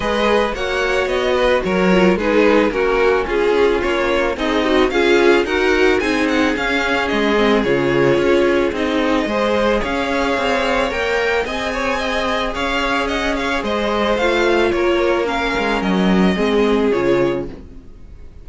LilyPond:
<<
  \new Staff \with { instrumentName = "violin" } { \time 4/4 \tempo 4 = 110 dis''4 fis''4 dis''4 cis''4 | b'4 ais'4 gis'4 cis''4 | dis''4 f''4 fis''4 gis''8 fis''8 | f''4 dis''4 cis''2 |
dis''2 f''2 | g''4 gis''2 f''4 | fis''8 f''8 dis''4 f''4 cis''4 | f''4 dis''2 cis''4 | }
  \new Staff \with { instrumentName = "violin" } { \time 4/4 b'4 cis''4. b'8 ais'4 | gis'4 fis'4 f'2 | dis'4 gis'4 ais'4 gis'4~ | gis'1~ |
gis'4 c''4 cis''2~ | cis''4 dis''8 cis''8 dis''4 cis''4 | dis''8 cis''8 c''2 ais'4~ | ais'2 gis'2 | }
  \new Staff \with { instrumentName = "viola" } { \time 4/4 gis'4 fis'2~ fis'8 f'8 | dis'4 cis'2. | gis'8 fis'8 f'4 fis'4 dis'4 | cis'4. c'8 f'2 |
dis'4 gis'2. | ais'4 gis'2.~ | gis'2 f'2 | cis'2 c'4 f'4 | }
  \new Staff \with { instrumentName = "cello" } { \time 4/4 gis4 ais4 b4 fis4 | gis4 ais4 cis'4 ais4 | c'4 cis'4 dis'4 c'4 | cis'4 gis4 cis4 cis'4 |
c'4 gis4 cis'4 c'4 | ais4 c'2 cis'4~ | cis'4 gis4 a4 ais4~ | ais8 gis8 fis4 gis4 cis4 | }
>>